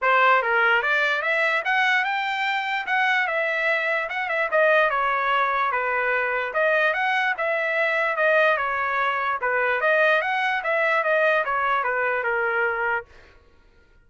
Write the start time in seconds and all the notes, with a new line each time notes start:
0.01 C5
0.42 A#4
0.82 D5
1.21 E5
1.64 F#5
2.04 G5
2.86 F#5
3.27 E5
4.09 F#5
4.28 E5
4.51 D#5
4.90 C#5
5.71 B4
6.53 D#5
6.93 F#5
7.37 E5
8.16 D#5
8.57 C#5
9.41 B4
9.80 D#5
10.21 F#5
10.63 E5
11.03 D#5
11.45 C#5
11.83 B4
12.23 A#4